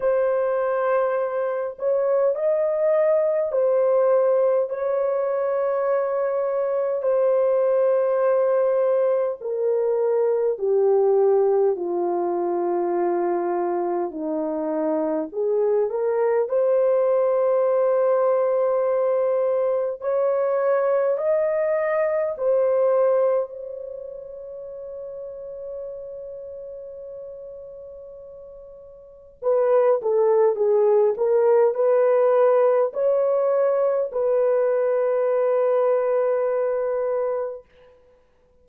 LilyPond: \new Staff \with { instrumentName = "horn" } { \time 4/4 \tempo 4 = 51 c''4. cis''8 dis''4 c''4 | cis''2 c''2 | ais'4 g'4 f'2 | dis'4 gis'8 ais'8 c''2~ |
c''4 cis''4 dis''4 c''4 | cis''1~ | cis''4 b'8 a'8 gis'8 ais'8 b'4 | cis''4 b'2. | }